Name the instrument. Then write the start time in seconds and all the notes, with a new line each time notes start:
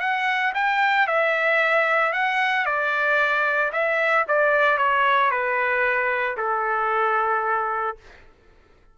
trumpet
0.00 F#5
0.55 G5
1.07 E5
2.13 F#5
2.65 D5
3.72 E5
4.28 D5
4.78 C#5
5.30 B4
6.37 A4